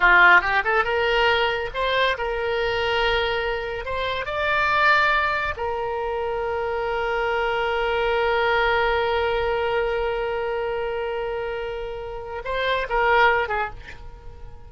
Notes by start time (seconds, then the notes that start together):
0.00 F4
0.41 G4
0.64 A4
0.84 A#4
1.74 C5
2.17 A#4
3.85 C5
4.25 D5
5.56 A#4
12.44 C5
12.89 A#4
13.48 G#4